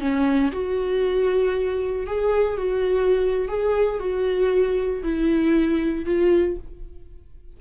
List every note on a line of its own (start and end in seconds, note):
0.00 0.52 C#4
0.52 2.07 F#4
2.07 2.58 G#4
2.58 3.48 F#4
3.48 4.00 G#4
4.00 5.03 F#4
5.03 6.06 E4
6.06 6.57 F4